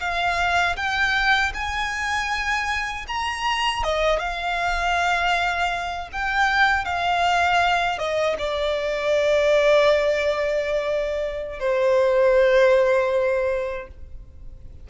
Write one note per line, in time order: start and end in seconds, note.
0.00 0.76 F5
0.76 1.52 G5
1.54 3.06 G#5
3.07 3.83 A#5
3.83 4.19 D#5
4.19 6.09 F5
6.12 6.85 G5
6.85 7.98 F5
7.98 8.36 D#5
8.38 11.59 D5
11.59 13.87 C5